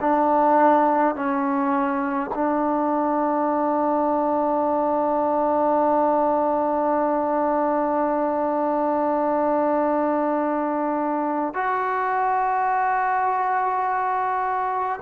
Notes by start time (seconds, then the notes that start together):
0.00 D4
1.15 C#4
2.34 D4
11.54 F#4